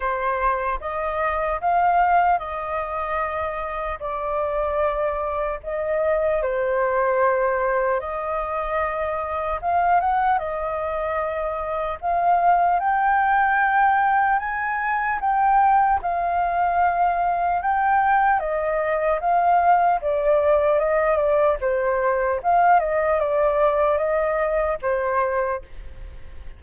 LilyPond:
\new Staff \with { instrumentName = "flute" } { \time 4/4 \tempo 4 = 75 c''4 dis''4 f''4 dis''4~ | dis''4 d''2 dis''4 | c''2 dis''2 | f''8 fis''8 dis''2 f''4 |
g''2 gis''4 g''4 | f''2 g''4 dis''4 | f''4 d''4 dis''8 d''8 c''4 | f''8 dis''8 d''4 dis''4 c''4 | }